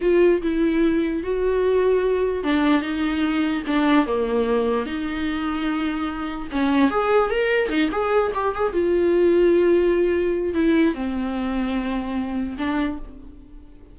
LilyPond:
\new Staff \with { instrumentName = "viola" } { \time 4/4 \tempo 4 = 148 f'4 e'2 fis'4~ | fis'2 d'4 dis'4~ | dis'4 d'4 ais2 | dis'1 |
cis'4 gis'4 ais'4 dis'8 gis'8~ | gis'8 g'8 gis'8 f'2~ f'8~ | f'2 e'4 c'4~ | c'2. d'4 | }